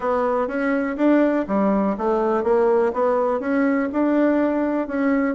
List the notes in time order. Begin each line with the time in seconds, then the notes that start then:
0.00 B3
0.47 C#4
0.96 D4
1.47 G3
1.97 A3
2.43 A#3
2.93 B3
3.39 C#4
3.92 D4
4.87 C#4